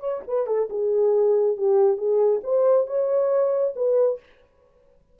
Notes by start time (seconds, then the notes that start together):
0.00 C#5
0.28 B4
0.47 A4
0.70 G#4
1.58 G4
1.98 G#4
2.44 C5
2.87 C#5
3.76 B4